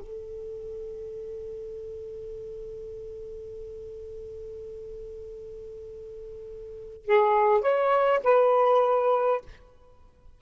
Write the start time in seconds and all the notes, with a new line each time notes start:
0.00 A4
7.06 G#4
7.61 C#5
8.24 B4